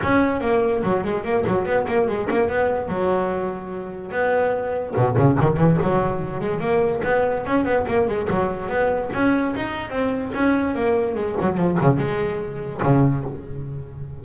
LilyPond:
\new Staff \with { instrumentName = "double bass" } { \time 4/4 \tempo 4 = 145 cis'4 ais4 fis8 gis8 ais8 fis8 | b8 ais8 gis8 ais8 b4 fis4~ | fis2 b2 | b,8 cis8 dis8 e8 fis4. gis8 |
ais4 b4 cis'8 b8 ais8 gis8 | fis4 b4 cis'4 dis'4 | c'4 cis'4 ais4 gis8 fis8 | f8 cis8 gis2 cis4 | }